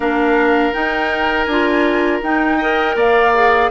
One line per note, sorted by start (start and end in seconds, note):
0.00 0.71 A#3
0.00 0.73 D4
0.00 2.58 A#4
0.00 0.73 F5
0.73 1.47 D#4
0.73 1.46 D#4
0.73 1.44 G5
1.44 2.21 D4
1.44 2.18 G#5
1.50 2.23 F4
2.22 2.95 D#4
2.22 2.60 D#4
2.22 2.97 G5
2.58 3.34 A#4
2.58 2.95 D#5
2.95 3.69 A#3
2.95 3.70 D5
2.95 3.70 F5
3.34 3.70 G#4